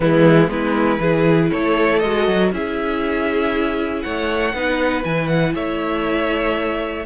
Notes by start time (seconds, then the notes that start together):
0.00 E3 G#3 B3 E4
0.48 G#3 B3 E4 B4
1.00 E3 E4 G#4
1.49 A3 A4 C#5
1.99 G#3 F#4 D#5
2.27 F#3
2.52 C#4 E4 G#4 E5
4.02 A3 C#5 F#5
4.53 B3 D#4 B4
5.03 E3 E4 G#5
5.27 F#5
5.54 A3 C#5 E5